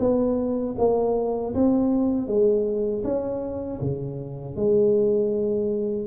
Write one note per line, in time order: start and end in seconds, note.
0.00 0.76 B3
0.78 1.54 A#3
1.55 2.28 C4
2.28 3.04 G#3
3.04 3.80 C#4
3.81 4.56 C#3
4.56 6.08 G#3